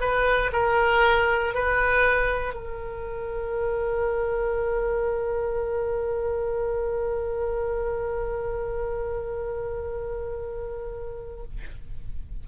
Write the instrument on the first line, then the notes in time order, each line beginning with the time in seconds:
oboe
0.00 B4
0.52 A#4
1.54 B4
2.53 A#4